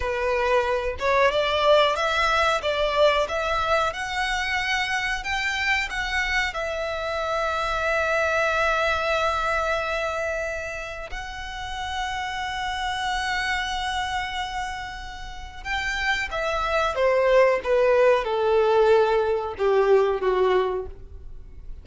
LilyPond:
\new Staff \with { instrumentName = "violin" } { \time 4/4 \tempo 4 = 92 b'4. cis''8 d''4 e''4 | d''4 e''4 fis''2 | g''4 fis''4 e''2~ | e''1~ |
e''4 fis''2.~ | fis''1 | g''4 e''4 c''4 b'4 | a'2 g'4 fis'4 | }